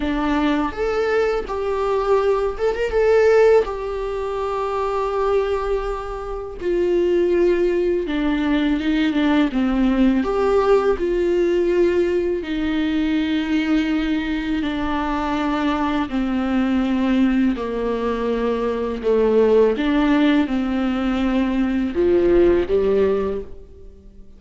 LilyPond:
\new Staff \with { instrumentName = "viola" } { \time 4/4 \tempo 4 = 82 d'4 a'4 g'4. a'16 ais'16 | a'4 g'2.~ | g'4 f'2 d'4 | dis'8 d'8 c'4 g'4 f'4~ |
f'4 dis'2. | d'2 c'2 | ais2 a4 d'4 | c'2 f4 g4 | }